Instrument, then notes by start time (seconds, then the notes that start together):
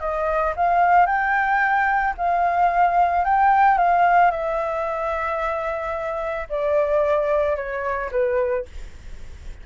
flute
0.00 D#5
0.56 F5
1.06 G5
2.17 F5
3.25 G5
3.78 F5
4.31 E5
6.49 D5
7.56 C#5
8.12 B4